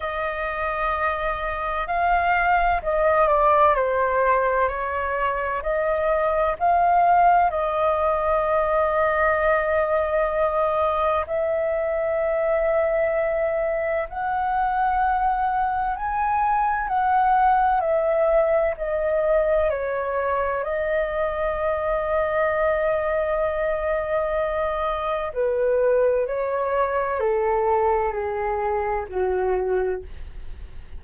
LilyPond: \new Staff \with { instrumentName = "flute" } { \time 4/4 \tempo 4 = 64 dis''2 f''4 dis''8 d''8 | c''4 cis''4 dis''4 f''4 | dis''1 | e''2. fis''4~ |
fis''4 gis''4 fis''4 e''4 | dis''4 cis''4 dis''2~ | dis''2. b'4 | cis''4 a'4 gis'4 fis'4 | }